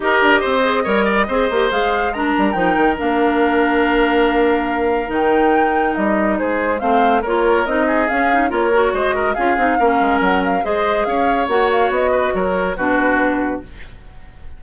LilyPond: <<
  \new Staff \with { instrumentName = "flute" } { \time 4/4 \tempo 4 = 141 dis''1 | f''4 ais''4 g''4 f''4~ | f''1 | g''2 dis''4 c''4 |
f''4 cis''4 dis''4 f''4 | cis''4 dis''4 f''2 | fis''8 f''8 dis''4 f''4 fis''8 f''8 | dis''4 cis''4 b'2 | }
  \new Staff \with { instrumentName = "oboe" } { \time 4/4 ais'4 c''4 cis''8 d''8 c''4~ | c''4 ais'2.~ | ais'1~ | ais'2. gis'4 |
c''4 ais'4. gis'4. | ais'4 c''8 ais'8 gis'4 ais'4~ | ais'4 c''4 cis''2~ | cis''8 b'8 ais'4 fis'2 | }
  \new Staff \with { instrumentName = "clarinet" } { \time 4/4 g'4. gis'8 ais'4 gis'8 g'8 | gis'4 d'4 dis'4 d'4~ | d'1 | dis'1 |
c'4 f'4 dis'4 cis'8 dis'8 | f'8 fis'4. f'8 dis'8 cis'4~ | cis'4 gis'2 fis'4~ | fis'2 d'2 | }
  \new Staff \with { instrumentName = "bassoon" } { \time 4/4 dis'8 d'8 c'4 g4 c'8 ais8 | gis4. g8 f8 dis8 ais4~ | ais1 | dis2 g4 gis4 |
a4 ais4 c'4 cis'4 | ais4 gis4 cis'8 c'8 ais8 gis8 | fis4 gis4 cis'4 ais4 | b4 fis4 b,2 | }
>>